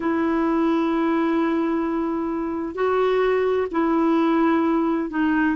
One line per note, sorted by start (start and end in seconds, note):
0.00 2.74 E4
2.74 3.67 F#4
3.71 5.09 E4
5.10 5.56 D#4